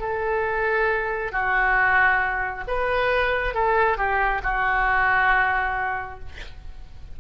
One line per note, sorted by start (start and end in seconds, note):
0.00 1.32 A4
1.32 2.64 F#4
2.67 3.54 B4
3.54 3.97 A4
3.97 4.41 G4
4.43 6.19 F#4